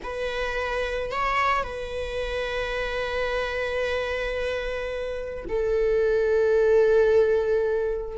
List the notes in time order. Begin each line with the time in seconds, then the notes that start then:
0.03 B4
1.11 C#5
1.63 B4
5.48 A4